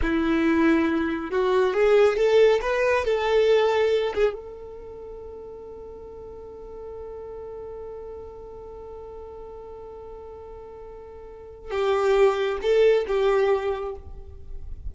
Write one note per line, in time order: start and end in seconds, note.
0.02 1.30 E4
1.30 1.73 F#4
1.73 2.16 G#4
2.16 2.60 A4
2.61 3.04 B4
3.04 4.13 A4
4.14 4.33 G#4
4.33 11.70 A4
11.70 12.57 G4
12.62 13.05 A4
13.07 13.94 G4